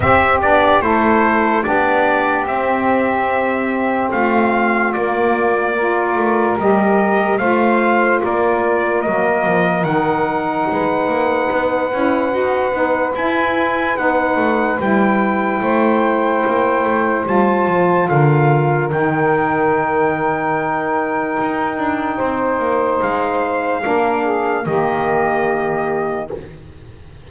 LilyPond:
<<
  \new Staff \with { instrumentName = "trumpet" } { \time 4/4 \tempo 4 = 73 e''8 d''8 c''4 d''4 e''4~ | e''4 f''4 d''2 | dis''4 f''4 d''4 dis''4 | fis''1 |
gis''4 fis''4 g''2~ | g''4 a''4 f''4 g''4~ | g''1 | f''2 dis''2 | }
  \new Staff \with { instrumentName = "saxophone" } { \time 4/4 g'4 a'4 g'2~ | g'4 f'2 ais'4~ | ais'4 c''4 ais'2~ | ais'4 b'2.~ |
b'2. c''4~ | c''2 ais'2~ | ais'2. c''4~ | c''4 ais'8 gis'8 g'2 | }
  \new Staff \with { instrumentName = "saxophone" } { \time 4/4 c'8 d'8 e'4 d'4 c'4~ | c'2 ais4 f'4 | g'4 f'2 ais4 | dis'2~ dis'8 e'8 fis'8 dis'8 |
e'4 dis'4 e'2~ | e'4 f'2 dis'4~ | dis'1~ | dis'4 d'4 ais2 | }
  \new Staff \with { instrumentName = "double bass" } { \time 4/4 c'8 b8 a4 b4 c'4~ | c'4 a4 ais4. a8 | g4 a4 ais4 fis8 f8 | dis4 gis8 ais8 b8 cis'8 dis'8 b8 |
e'4 b8 a8 g4 a4 | ais8 a8 g8 f8 d4 dis4~ | dis2 dis'8 d'8 c'8 ais8 | gis4 ais4 dis2 | }
>>